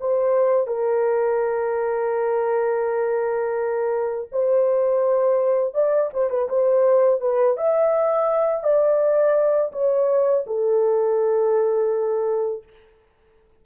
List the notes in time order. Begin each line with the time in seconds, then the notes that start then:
0.00 C5
0.67 A#4
4.32 C5
5.74 D5
6.13 C5
6.30 B4
6.49 C5
7.21 B4
7.57 E5
8.64 D5
9.72 C#5
10.47 A4